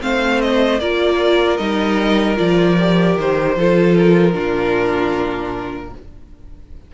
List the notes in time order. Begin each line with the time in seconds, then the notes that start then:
0.00 A3 C4 C5 F5
0.41 D#5
0.79 A#3 F4 A#4 D5
1.57 G3 D#4 D#5
2.36 F3 F4 D5
2.79 G4
3.17 D#3 C5
3.56 F3 F4 A4
3.97 A#4
4.32 A#2 D4 F4